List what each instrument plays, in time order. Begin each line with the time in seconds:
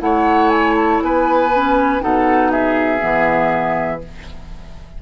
0.00 bassoon A3, clarinet E4, oboe C#5, flute F#5
0.50 flute G#5
0.76 flute A5
1.02 bassoon B3, oboe B4, flute G#5
1.55 clarinet C#4
2.01 bassoon B2, clarinet D#4, oboe A4, flute F#5
2.52 oboe G#4, flute E5
2.99 bassoon E3, clarinet B3